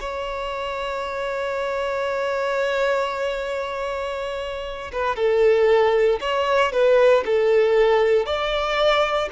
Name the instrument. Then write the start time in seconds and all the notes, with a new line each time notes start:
violin
0.00 C#5
4.92 B4
5.16 A4
6.21 C#5
6.72 B4
7.26 A4
8.26 D5